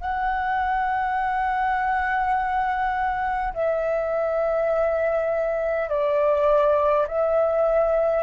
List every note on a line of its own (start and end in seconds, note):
0.00 3.53 F#5
3.53 5.89 E5
5.89 7.06 D5
7.07 8.23 E5